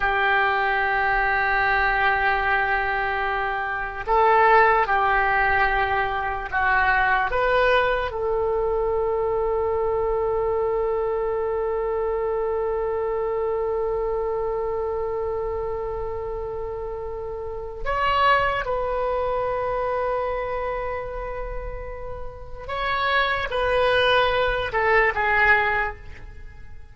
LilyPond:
\new Staff \with { instrumentName = "oboe" } { \time 4/4 \tempo 4 = 74 g'1~ | g'4 a'4 g'2 | fis'4 b'4 a'2~ | a'1~ |
a'1~ | a'2 cis''4 b'4~ | b'1 | cis''4 b'4. a'8 gis'4 | }